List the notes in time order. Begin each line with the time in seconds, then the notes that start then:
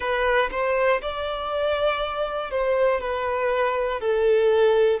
0.00 B4
0.50 C5
1.01 D5
2.50 C5
3.00 B4
4.00 A4